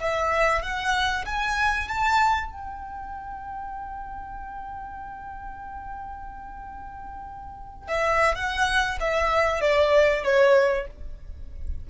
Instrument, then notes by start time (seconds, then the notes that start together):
violin
0.00 E5
0.62 F#5
1.25 G#5
1.88 A5
2.51 G5
7.88 E5
8.35 F#5
9.01 E5
9.61 D5
10.24 C#5